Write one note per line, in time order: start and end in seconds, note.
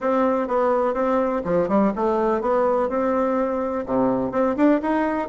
0.00 0.47 C4
0.47 0.93 B3
0.93 1.41 C4
1.44 1.68 F3
1.68 1.92 G3
1.95 2.41 A3
2.41 2.89 B3
2.89 3.85 C4
3.86 4.31 C3
4.31 4.55 C4
4.56 4.80 D4
4.82 5.28 D#4